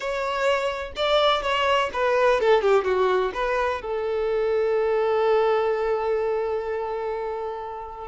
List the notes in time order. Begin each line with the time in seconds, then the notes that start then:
0.00 C#5
0.95 D5
1.42 C#5
1.93 B4
2.40 A4
2.61 G4
2.84 F#4
3.34 B4
3.81 A4